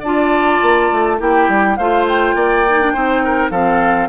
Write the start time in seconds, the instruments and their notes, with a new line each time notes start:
0.00 bassoon D4, clarinet F4, oboe D5, flute A5
0.62 bassoon A#3
0.92 bassoon A3
1.18 bassoon A#3, clarinet E4, oboe G4, flute G5
1.48 bassoon G3
1.76 bassoon A3, clarinet F4, oboe C5, flute F5
2.08 flute G5
2.35 bassoon A#3, oboe D5
2.68 clarinet D#4
2.81 clarinet D4
2.93 bassoon C4, clarinet D#4, oboe C5
3.24 oboe A#4
3.50 bassoon F3, clarinet C4, oboe A4, flute F5